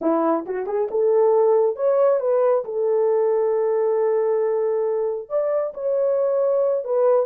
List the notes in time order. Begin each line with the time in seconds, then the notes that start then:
0.01 E4
0.46 F#4
0.66 G#4
0.90 A4
1.75 C#5
2.20 B4
2.65 A4
5.29 D5
5.74 C#5
6.84 B4